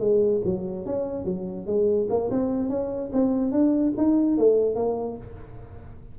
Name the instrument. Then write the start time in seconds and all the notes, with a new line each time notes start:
tuba
0.00 G#3
0.45 F#3
0.86 C#4
1.25 F#3
1.67 G#3
2.10 A#3
2.31 C4
2.70 C#4
3.13 C4
3.52 D4
3.98 D#4
4.38 A3
4.76 A#3